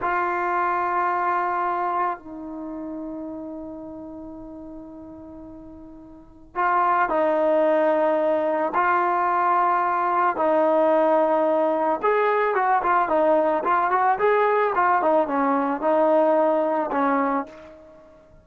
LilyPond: \new Staff \with { instrumentName = "trombone" } { \time 4/4 \tempo 4 = 110 f'1 | dis'1~ | dis'1 | f'4 dis'2. |
f'2. dis'4~ | dis'2 gis'4 fis'8 f'8 | dis'4 f'8 fis'8 gis'4 f'8 dis'8 | cis'4 dis'2 cis'4 | }